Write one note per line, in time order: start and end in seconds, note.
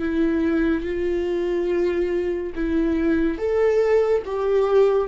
0.00 0.85 E4
0.85 2.54 F4
2.55 3.38 E4
3.38 4.23 A4
4.26 5.09 G4